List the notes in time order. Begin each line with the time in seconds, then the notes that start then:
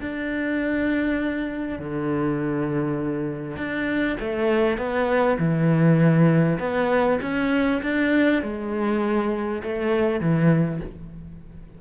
0.00 D4
1.78 D3
3.56 D4
4.20 A3
4.77 B3
5.38 E3
6.59 B3
7.21 C#4
7.82 D4
8.42 G#3
9.63 A3
10.20 E3